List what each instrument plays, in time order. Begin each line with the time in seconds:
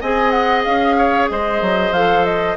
0.00 bassoon C4, clarinet G#4, oboe D#5, flute G#5
0.30 flute F#5
0.63 bassoon C#4, flute F5
0.97 oboe C#5
1.30 bassoon G#3, oboe C5, flute D#5
1.61 bassoon F#3
1.91 bassoon F3, clarinet A4, flute F5
2.25 flute D#5